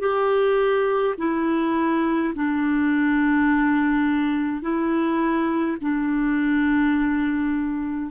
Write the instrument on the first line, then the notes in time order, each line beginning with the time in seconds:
clarinet
0.00 G4
1.19 E4
2.35 D4
4.63 E4
5.82 D4